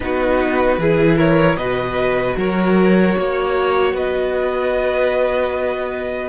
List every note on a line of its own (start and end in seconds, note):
0.00 0.78 B3
0.00 0.78 D#4
0.00 0.79 F#4
0.00 1.15 B4
0.78 1.56 E3
0.78 1.60 E4
0.78 1.16 G#4
1.16 1.55 A#4
1.16 1.56 C#5
1.56 2.35 B2
1.56 6.28 F#4
1.56 2.36 B4
1.56 2.35 D#5
2.36 3.15 F#3
2.36 3.17 A#4
2.36 3.96 C#5
3.17 3.93 A#3
3.17 3.94 C#5
3.93 6.28 B3
3.93 6.28 B4
3.93 6.28 D#5